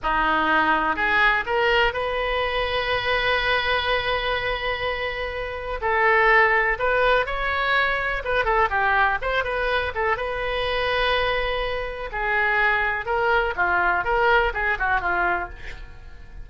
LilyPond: \new Staff \with { instrumentName = "oboe" } { \time 4/4 \tempo 4 = 124 dis'2 gis'4 ais'4 | b'1~ | b'1 | a'2 b'4 cis''4~ |
cis''4 b'8 a'8 g'4 c''8 b'8~ | b'8 a'8 b'2.~ | b'4 gis'2 ais'4 | f'4 ais'4 gis'8 fis'8 f'4 | }